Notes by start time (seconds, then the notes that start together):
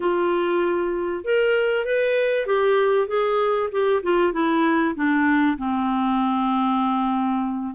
0.00 F4
1.24 A#4
1.85 B4
2.46 G4
3.07 G#4
3.71 G4
4.03 F4
4.32 E4
4.95 D4
5.57 C4